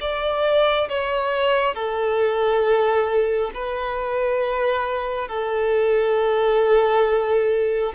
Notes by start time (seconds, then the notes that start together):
0.00 D5
0.89 C#5
1.74 A4
3.54 B4
5.28 A4